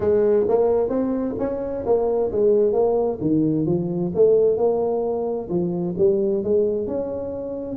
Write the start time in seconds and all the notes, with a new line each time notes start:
0.00 G#3
0.48 A#3
0.89 C4
1.38 C#4
1.85 A#3
2.31 G#3
2.72 A#3
3.20 D#3
3.66 F3
4.14 A3
4.57 A#3
5.49 F3
5.97 G3
6.43 G#3
6.87 C#4